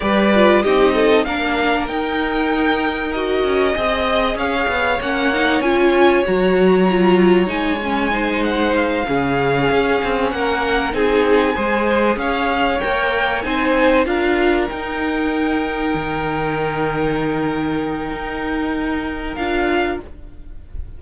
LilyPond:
<<
  \new Staff \with { instrumentName = "violin" } { \time 4/4 \tempo 4 = 96 d''4 dis''4 f''4 g''4~ | g''4 dis''2 f''4 | fis''4 gis''4 ais''2 | gis''4. fis''8 f''2~ |
f''8 fis''4 gis''2 f''8~ | f''8 g''4 gis''4 f''4 g''8~ | g''1~ | g''2. f''4 | }
  \new Staff \with { instrumentName = "violin" } { \time 4/4 b'4 g'8 a'8 ais'2~ | ais'2 dis''4 cis''4~ | cis''1~ | cis''4 c''4. gis'4.~ |
gis'8 ais'4 gis'4 c''4 cis''8~ | cis''4. c''4 ais'4.~ | ais'1~ | ais'1 | }
  \new Staff \with { instrumentName = "viola" } { \time 4/4 g'8 f'8 dis'4 d'4 dis'4~ | dis'4 fis'4 gis'2 | cis'8 dis'8 f'4 fis'4 f'4 | dis'8 cis'8 dis'4. cis'4.~ |
cis'4. dis'4 gis'4.~ | gis'8 ais'4 dis'4 f'4 dis'8~ | dis'1~ | dis'2. f'4 | }
  \new Staff \with { instrumentName = "cello" } { \time 4/4 g4 c'4 ais4 dis'4~ | dis'4. cis'8 c'4 cis'8 b8 | ais4 cis'4 fis2 | gis2~ gis8 cis4 cis'8 |
c'8 ais4 c'4 gis4 cis'8~ | cis'8 ais4 c'4 d'4 dis'8~ | dis'4. dis2~ dis8~ | dis4 dis'2 d'4 | }
>>